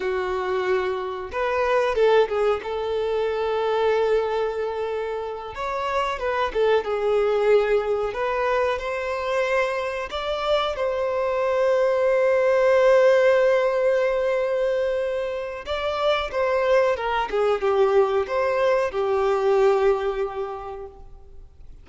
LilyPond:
\new Staff \with { instrumentName = "violin" } { \time 4/4 \tempo 4 = 92 fis'2 b'4 a'8 gis'8 | a'1~ | a'8 cis''4 b'8 a'8 gis'4.~ | gis'8 b'4 c''2 d''8~ |
d''8 c''2.~ c''8~ | c''1 | d''4 c''4 ais'8 gis'8 g'4 | c''4 g'2. | }